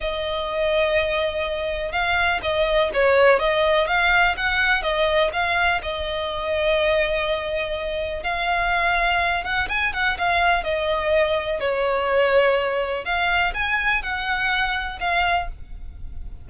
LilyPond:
\new Staff \with { instrumentName = "violin" } { \time 4/4 \tempo 4 = 124 dis''1 | f''4 dis''4 cis''4 dis''4 | f''4 fis''4 dis''4 f''4 | dis''1~ |
dis''4 f''2~ f''8 fis''8 | gis''8 fis''8 f''4 dis''2 | cis''2. f''4 | gis''4 fis''2 f''4 | }